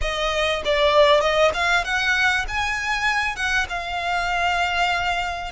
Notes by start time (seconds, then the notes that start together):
0.01 D#5
0.65 D5
1.20 D#5
1.53 F5
1.84 F#5
2.48 G#5
3.35 F#5
3.69 F5